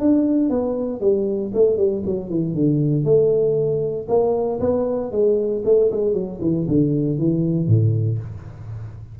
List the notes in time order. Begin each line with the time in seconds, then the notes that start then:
0.00 D4
0.50 B3
1.01 G3
1.54 A3
1.78 G3
2.06 F#3
2.30 E3
2.55 D3
3.05 A3
4.09 A#3
4.61 B3
5.12 G#3
5.65 A3
5.92 G#3
6.14 F#3
6.42 E3
6.69 D3
7.19 E3
7.67 A2